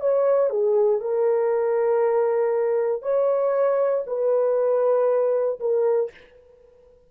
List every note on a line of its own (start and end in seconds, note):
0.00 0.49 C#5
0.49 1.00 G#4
1.00 3.01 A#4
3.01 4.03 C#5
4.06 5.59 B4
5.59 6.10 A#4